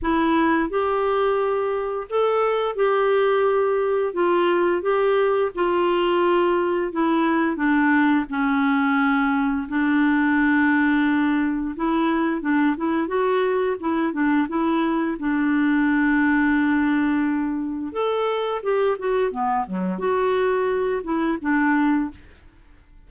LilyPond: \new Staff \with { instrumentName = "clarinet" } { \time 4/4 \tempo 4 = 87 e'4 g'2 a'4 | g'2 f'4 g'4 | f'2 e'4 d'4 | cis'2 d'2~ |
d'4 e'4 d'8 e'8 fis'4 | e'8 d'8 e'4 d'2~ | d'2 a'4 g'8 fis'8 | b8 fis8 fis'4. e'8 d'4 | }